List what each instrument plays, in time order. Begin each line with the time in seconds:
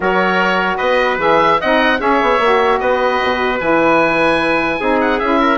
0.00 bassoon F#3, saxophone F#4, trumpet A#4, oboe C#5
0.77 bassoon B3, trumpet B4, oboe D#5
1.18 bassoon E3, saxophone G#4, oboe E5
1.60 bassoon C4, saxophone D#4, trumpet D#5, oboe F#5
1.99 bassoon C#4, saxophone G#4, trumpet C#5, oboe E5
2.21 bassoon B3
2.39 bassoon A#3, saxophone F#4
2.79 bassoon B3, trumpet B4, oboe D#5
3.22 bassoon B2
3.60 bassoon E3, saxophone E4, oboe G#5
4.80 bassoon C4, saxophone D#4, trumpet G#4
5.00 oboe F#5
5.19 bassoon C#4, saxophone E4, oboe E5
5.39 trumpet A#4